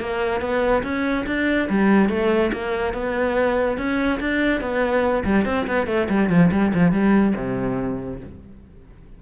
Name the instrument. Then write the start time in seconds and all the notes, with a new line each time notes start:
cello
0.00 A#3
0.41 B3
0.83 C#4
1.26 D4
1.69 G3
2.09 A3
2.52 A#3
2.94 B3
3.77 C#4
4.20 D4
4.60 B3
5.24 G3
5.45 C4
5.67 B3
5.87 A3
6.09 G3
6.29 F3
6.51 G3
6.74 F3
6.92 G3
7.36 C3